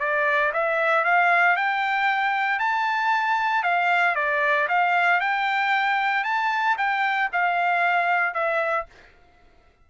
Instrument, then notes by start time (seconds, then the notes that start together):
trumpet
0.00 D5
0.54 E5
1.05 F5
1.57 G5
2.59 A5
3.64 F5
4.15 D5
4.69 F5
5.21 G5
6.24 A5
6.78 G5
7.33 F5
8.34 E5